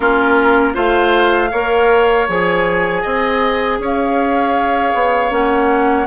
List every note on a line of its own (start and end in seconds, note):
0.00 0.75 A#3
0.00 0.73 C#4
0.00 0.73 F4
0.00 0.76 A#4
0.73 1.51 A3
0.73 1.49 F4
0.73 1.49 C5
0.73 2.28 F5
1.51 2.28 A#3
1.51 2.28 A#4
1.51 3.01 C#5
2.28 3.04 F3
2.28 5.30 G#4
2.28 3.80 G#5
3.01 3.79 C4
3.01 3.77 D#5
3.79 4.93 C#4
3.79 6.06 C#5
3.85 5.32 F5
4.94 5.30 B3
5.30 6.06 A#3
5.30 6.06 C#4
5.30 6.06 F#5